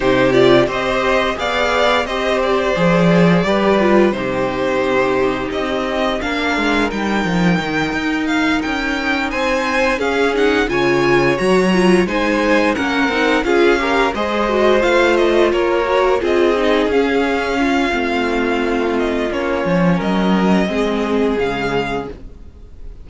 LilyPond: <<
  \new Staff \with { instrumentName = "violin" } { \time 4/4 \tempo 4 = 87 c''8 d''8 dis''4 f''4 dis''8 d''8~ | d''2 c''2 | dis''4 f''4 g''2 | f''8 g''4 gis''4 f''8 fis''8 gis''8~ |
gis''8 ais''4 gis''4 fis''4 f''8~ | f''8 dis''4 f''8 dis''8 cis''4 dis''8~ | dis''8 f''2. dis''8 | cis''4 dis''2 f''4 | }
  \new Staff \with { instrumentName = "violin" } { \time 4/4 g'4 c''4 d''4 c''4~ | c''4 b'4 g'2~ | g'4 ais'2.~ | ais'4. c''4 gis'4 cis''8~ |
cis''4. c''4 ais'4 gis'8 | ais'8 c''2 ais'4 gis'8~ | gis'4. f'2~ f'8~ | f'4 ais'4 gis'2 | }
  \new Staff \with { instrumentName = "viola" } { \time 4/4 dis'8 f'8 g'4 gis'4 g'4 | gis'4 g'8 f'8 dis'2~ | dis'4 d'4 dis'2~ | dis'2~ dis'8 cis'8 dis'8 f'8~ |
f'8 fis'8 f'8 dis'4 cis'8 dis'8 f'8 | g'8 gis'8 fis'8 f'4. fis'8 f'8 | dis'8 cis'4. c'2 | cis'2 c'4 gis4 | }
  \new Staff \with { instrumentName = "cello" } { \time 4/4 c4 c'4 b4 c'4 | f4 g4 c2 | c'4 ais8 gis8 g8 f8 dis8 dis'8~ | dis'8 cis'4 c'4 cis'4 cis8~ |
cis8 fis4 gis4 ais8 c'8 cis'8~ | cis'8 gis4 a4 ais4 c'8~ | c'8 cis'4. a2 | ais8 f8 fis4 gis4 cis4 | }
>>